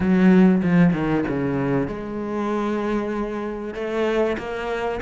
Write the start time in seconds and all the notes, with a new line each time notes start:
0.00 F#3
0.62 F3
0.93 D#3
1.28 C#3
1.88 G#3
3.74 A3
4.38 A#3